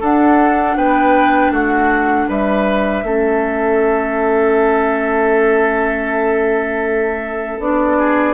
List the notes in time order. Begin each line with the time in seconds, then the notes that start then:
0.00 D4 A4 F#5
0.76 B3 B4 G5
1.50 A3 F#4 F#5
2.28 G3 B4 E5
3.03 A3 C#4 A4
7.59 B3 D4 D5
7.98 G#4